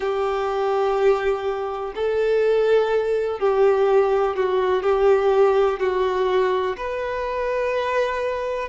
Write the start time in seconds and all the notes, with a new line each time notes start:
0.00 G4
1.95 A4
3.39 G4
4.36 F#4
4.82 G4
5.79 F#4
6.77 B4